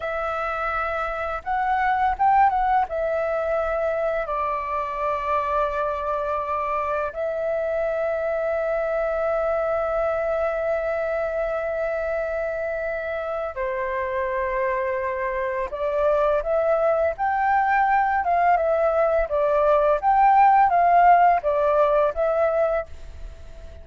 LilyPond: \new Staff \with { instrumentName = "flute" } { \time 4/4 \tempo 4 = 84 e''2 fis''4 g''8 fis''8 | e''2 d''2~ | d''2 e''2~ | e''1~ |
e''2. c''4~ | c''2 d''4 e''4 | g''4. f''8 e''4 d''4 | g''4 f''4 d''4 e''4 | }